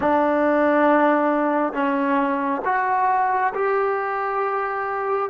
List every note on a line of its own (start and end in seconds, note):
0.00 1.73 D4
1.73 2.61 C#4
2.65 3.53 F#4
3.54 5.29 G4